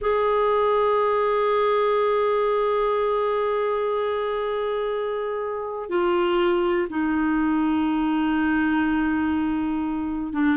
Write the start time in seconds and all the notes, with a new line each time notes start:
0.00 G#4
5.89 F4
6.89 D#4
10.33 D4